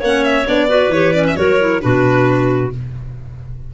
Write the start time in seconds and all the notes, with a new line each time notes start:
0.00 A#3 C#4 C#5 F#5
0.25 E5
0.46 B3 D4 D5
0.68 F#4 B4
0.89 E3 G4 C#5
1.14 C#4 D5
1.27 E5
1.36 F#3 F#4 A#4 C#5
1.60 E4
1.81 B2 D4 F#4 B4